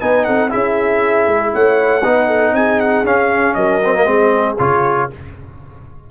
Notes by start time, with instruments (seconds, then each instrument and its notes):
0.00 tuba B3, trombone D#4, horn B4, trumpet G#5
0.24 tuba C4, horn A4, trumpet F#5
0.50 tuba C#4, trombone E4, horn G#4, trumpet E5
1.27 tuba G#3
1.54 tuba A3, horn C#5, trumpet F#5
2.03 tuba B3, trombone D#4, horn B4
2.27 horn A4
2.53 tuba C4, horn G#4, trumpet G#5
2.80 trumpet F#5
3.04 tuba C#4, trombone C#4, trumpet F5
3.55 tuba F#3, horn A#4, trumpet D#5
3.85 trombone C4
3.95 trombone A#3
4.05 tuba G#3, trombone C4, horn G#4
4.59 tuba C#3, trombone F4, trumpet C#5